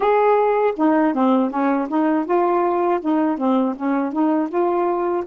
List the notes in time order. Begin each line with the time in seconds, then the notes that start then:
0.00 G#4
0.76 D#4
1.14 C4
1.50 C#4
1.88 D#4
2.25 F4
3.00 D#4
3.38 C4
3.75 C#4
4.12 D#4
4.49 F4